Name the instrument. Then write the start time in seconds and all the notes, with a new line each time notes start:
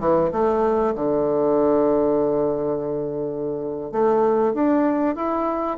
bassoon
0.00 E3
0.32 A3
0.95 D3
3.92 A3
4.54 D4
5.16 E4